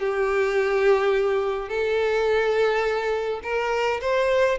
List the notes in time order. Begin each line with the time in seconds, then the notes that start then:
0.00 G4
1.69 A4
3.43 A#4
4.01 C5